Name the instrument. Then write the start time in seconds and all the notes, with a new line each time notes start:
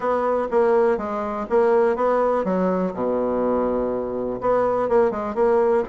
bassoon
0.00 B3
0.50 A#3
0.97 G#3
1.49 A#3
1.96 B3
2.44 F#3
2.93 B2
4.40 B3
4.88 A#3
5.11 G#3
5.34 A#3